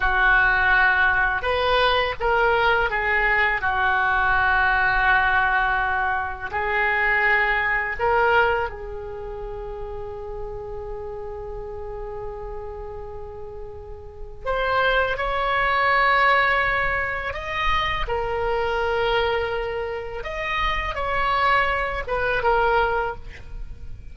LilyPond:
\new Staff \with { instrumentName = "oboe" } { \time 4/4 \tempo 4 = 83 fis'2 b'4 ais'4 | gis'4 fis'2.~ | fis'4 gis'2 ais'4 | gis'1~ |
gis'1 | c''4 cis''2. | dis''4 ais'2. | dis''4 cis''4. b'8 ais'4 | }